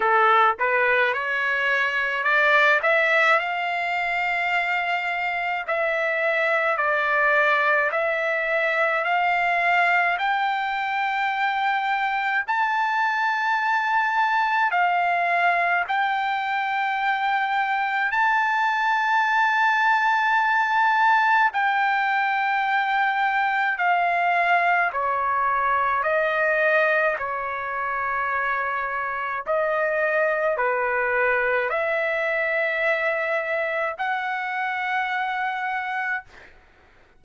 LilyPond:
\new Staff \with { instrumentName = "trumpet" } { \time 4/4 \tempo 4 = 53 a'8 b'8 cis''4 d''8 e''8 f''4~ | f''4 e''4 d''4 e''4 | f''4 g''2 a''4~ | a''4 f''4 g''2 |
a''2. g''4~ | g''4 f''4 cis''4 dis''4 | cis''2 dis''4 b'4 | e''2 fis''2 | }